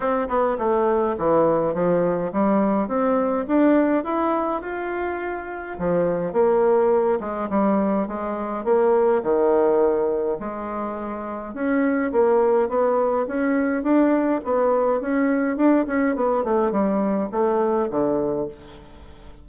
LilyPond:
\new Staff \with { instrumentName = "bassoon" } { \time 4/4 \tempo 4 = 104 c'8 b8 a4 e4 f4 | g4 c'4 d'4 e'4 | f'2 f4 ais4~ | ais8 gis8 g4 gis4 ais4 |
dis2 gis2 | cis'4 ais4 b4 cis'4 | d'4 b4 cis'4 d'8 cis'8 | b8 a8 g4 a4 d4 | }